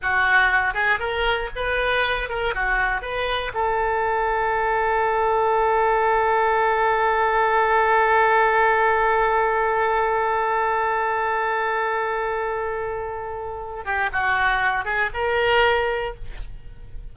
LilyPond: \new Staff \with { instrumentName = "oboe" } { \time 4/4 \tempo 4 = 119 fis'4. gis'8 ais'4 b'4~ | b'8 ais'8 fis'4 b'4 a'4~ | a'1~ | a'1~ |
a'1~ | a'1~ | a'2.~ a'8 g'8 | fis'4. gis'8 ais'2 | }